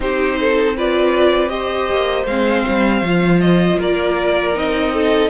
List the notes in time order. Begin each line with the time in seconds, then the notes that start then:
0.00 C4 D#4 G4 C5
0.40 A4
0.76 F4 B4 D5
1.48 G4 C5 D#5
1.90 A#3
2.26 G#3 C4 F5
2.67 G3
3.01 F3 F4
3.40 D#5
3.78 A#3 A#4 D5
4.54 C4 D#4 D#5
4.93 A4